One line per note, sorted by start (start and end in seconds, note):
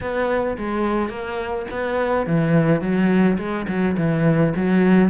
0.00 0.57 B3
0.57 1.09 G#3
1.09 1.66 A#3
1.71 2.26 B3
2.26 2.81 E3
2.81 3.37 F#3
3.38 3.66 G#3
3.68 3.96 F#3
3.97 4.53 E3
4.56 5.10 F#3